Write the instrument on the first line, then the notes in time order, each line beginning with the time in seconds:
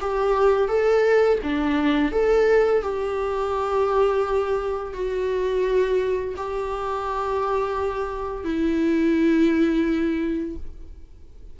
viola
0.00 G4
0.68 A4
1.42 D4
2.11 A4
2.82 G4
4.93 F#4
6.36 G4
8.44 E4